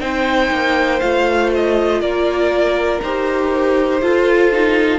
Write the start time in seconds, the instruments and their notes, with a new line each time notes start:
0.00 cello C4, viola D#4, violin C5 G5
0.51 cello A#3
1.00 cello A3, viola F4, violin F5
1.55 violin D#5
2.01 cello A#3, violin A#4 D5
3.02 cello D#4, viola G4, violin C5
4.02 cello F4, viola F4, violin A4
4.52 viola D#4